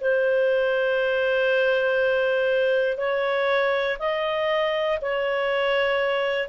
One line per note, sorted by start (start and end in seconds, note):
0.00 2.97 C5
2.97 3.97 C#5
3.99 4.99 D#5
5.01 6.48 C#5